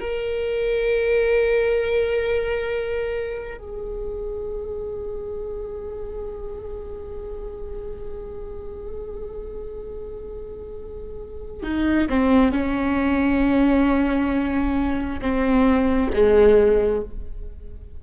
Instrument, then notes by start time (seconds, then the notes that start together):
viola
0.00 A#4
3.58 G#4
11.64 D#4
12.10 C4
12.52 C#4
15.22 C4
16.14 G#3